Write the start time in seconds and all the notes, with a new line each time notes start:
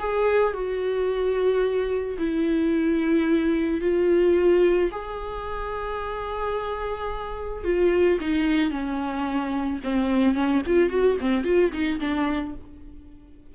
0.00 G#4
0.54 F#4
2.19 E4
3.82 F4
4.92 G#4
7.64 F4
8.21 D#4
8.71 C#4
9.84 C4
10.35 C#4
10.67 F4
10.90 F#4
11.21 C4
11.45 F4
11.72 D#4
12.01 D4